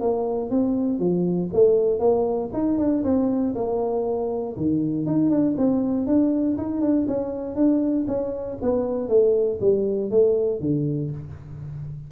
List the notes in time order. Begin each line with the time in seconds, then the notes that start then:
0.00 A#3
0.50 C4
0.99 F3
1.53 A3
1.99 A#3
2.53 D#4
2.78 D4
3.04 C4
3.55 A#3
4.56 D#3
5.06 D#4
5.30 D4
5.57 C4
6.06 D4
6.57 D#4
6.81 D4
7.07 C#4
7.55 D4
8.07 C#4
8.62 B3
9.08 A3
9.61 G3
10.10 A3
10.60 D3